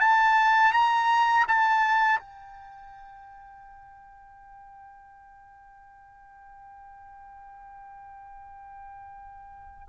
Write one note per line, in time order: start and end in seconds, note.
0.00 0.73 A5
0.73 1.46 A#5
1.47 2.19 A5
2.19 9.87 G5